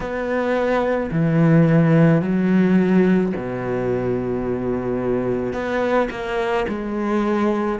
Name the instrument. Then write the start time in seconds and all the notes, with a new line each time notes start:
cello
0.00 B3
1.11 E3
2.21 F#3
3.36 B2
5.53 B3
6.10 A#3
6.68 G#3